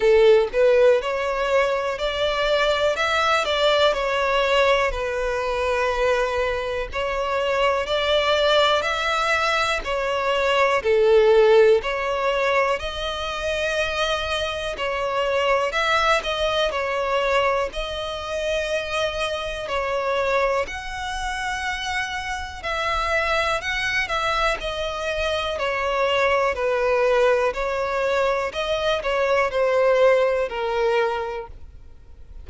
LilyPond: \new Staff \with { instrumentName = "violin" } { \time 4/4 \tempo 4 = 61 a'8 b'8 cis''4 d''4 e''8 d''8 | cis''4 b'2 cis''4 | d''4 e''4 cis''4 a'4 | cis''4 dis''2 cis''4 |
e''8 dis''8 cis''4 dis''2 | cis''4 fis''2 e''4 | fis''8 e''8 dis''4 cis''4 b'4 | cis''4 dis''8 cis''8 c''4 ais'4 | }